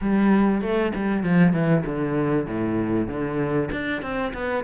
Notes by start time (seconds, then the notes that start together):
0.01 G3
0.61 A3
0.94 G3
1.23 F3
1.53 E3
1.85 D3
2.46 A2
3.07 D3
3.71 D4
4.01 C4
4.33 B3